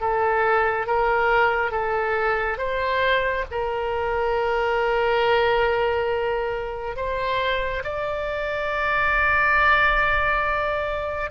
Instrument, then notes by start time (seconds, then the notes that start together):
oboe
0.00 A4
0.87 A#4
1.71 A4
2.58 C5
3.51 A#4
6.96 C5
7.84 D5